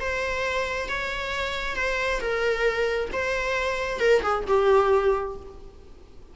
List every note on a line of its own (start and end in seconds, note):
0.00 0.88 C5
0.88 1.76 C#5
1.76 2.20 C5
2.20 3.09 A#4
3.13 4.00 C5
4.00 4.22 A#4
4.22 4.44 G#4
4.47 5.36 G4